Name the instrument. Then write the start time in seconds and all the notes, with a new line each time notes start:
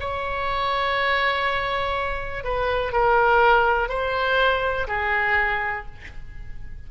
oboe
0.00 C#5
2.44 B4
2.92 A#4
3.89 C5
4.87 G#4